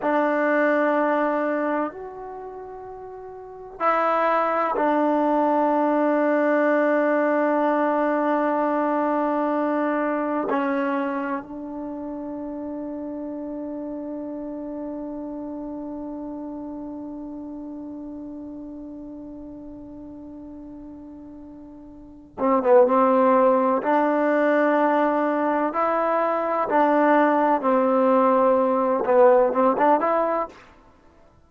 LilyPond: \new Staff \with { instrumentName = "trombone" } { \time 4/4 \tempo 4 = 63 d'2 fis'2 | e'4 d'2.~ | d'2. cis'4 | d'1~ |
d'1~ | d'2.~ d'8 c'16 b16 | c'4 d'2 e'4 | d'4 c'4. b8 c'16 d'16 e'8 | }